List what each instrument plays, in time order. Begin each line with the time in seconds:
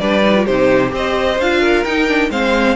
0.00 cello G3, viola D4, violin B4 D5
0.23 viola D#4
0.37 viola F4
0.46 cello C3, viola D#4, violin G4 C5
0.90 cello C4, viola G4, violin C5 D#5
1.39 cello D4, viola F4, violin F5
1.61 violin A#4
1.84 cello D#4, viola D#4, violin G5
2.08 viola D4
2.30 cello G#3, viola C4, violin C5 F5